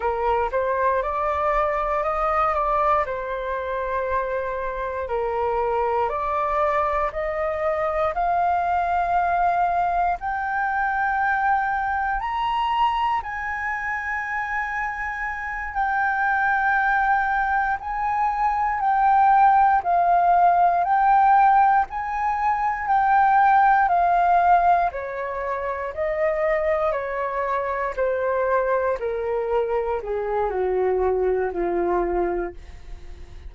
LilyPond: \new Staff \with { instrumentName = "flute" } { \time 4/4 \tempo 4 = 59 ais'8 c''8 d''4 dis''8 d''8 c''4~ | c''4 ais'4 d''4 dis''4 | f''2 g''2 | ais''4 gis''2~ gis''8 g''8~ |
g''4. gis''4 g''4 f''8~ | f''8 g''4 gis''4 g''4 f''8~ | f''8 cis''4 dis''4 cis''4 c''8~ | c''8 ais'4 gis'8 fis'4 f'4 | }